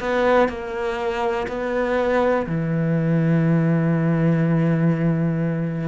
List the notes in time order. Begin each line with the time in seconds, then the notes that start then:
0.00 B3
0.49 A#3
1.48 B3
2.47 E3